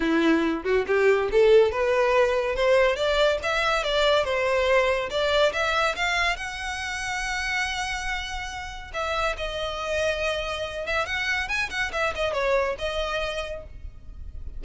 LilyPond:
\new Staff \with { instrumentName = "violin" } { \time 4/4 \tempo 4 = 141 e'4. fis'8 g'4 a'4 | b'2 c''4 d''4 | e''4 d''4 c''2 | d''4 e''4 f''4 fis''4~ |
fis''1~ | fis''4 e''4 dis''2~ | dis''4. e''8 fis''4 gis''8 fis''8 | e''8 dis''8 cis''4 dis''2 | }